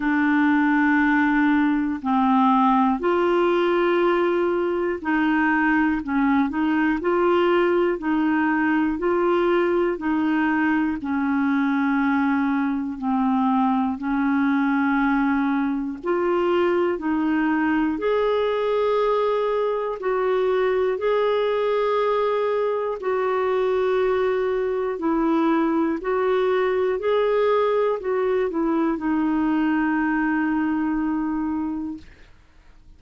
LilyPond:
\new Staff \with { instrumentName = "clarinet" } { \time 4/4 \tempo 4 = 60 d'2 c'4 f'4~ | f'4 dis'4 cis'8 dis'8 f'4 | dis'4 f'4 dis'4 cis'4~ | cis'4 c'4 cis'2 |
f'4 dis'4 gis'2 | fis'4 gis'2 fis'4~ | fis'4 e'4 fis'4 gis'4 | fis'8 e'8 dis'2. | }